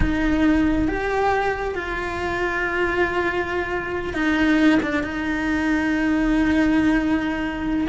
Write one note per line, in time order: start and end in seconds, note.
0.00 0.88 D#4
0.88 1.74 G4
1.74 4.13 F4
4.13 4.79 D#4
4.82 5.03 D4
5.03 7.87 D#4